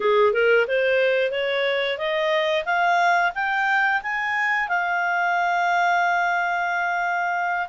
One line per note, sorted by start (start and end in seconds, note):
0.00 0.33 G#4
0.33 0.66 A#4
0.67 1.31 C5
1.31 1.98 C#5
1.98 2.64 D#5
2.65 3.32 F5
3.35 4.01 G5
4.02 4.68 G#5
4.68 7.68 F5